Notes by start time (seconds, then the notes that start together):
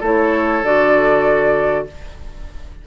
0.00 A3 E4 A4 C#5
0.63 D3 F#4 D5